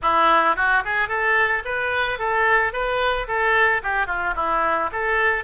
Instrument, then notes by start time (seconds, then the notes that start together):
oboe
0.01 E4
0.56 F#4
0.84 G#4
1.08 A4
1.65 B4
2.18 A4
2.72 B4
3.27 A4
3.82 G4
4.07 F4
4.35 E4
4.92 A4